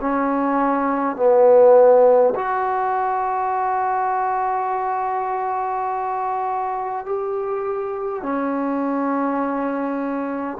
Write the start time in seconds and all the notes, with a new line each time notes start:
0.00 C#4
1.16 B3
2.35 F#4
7.05 G4
8.23 C#4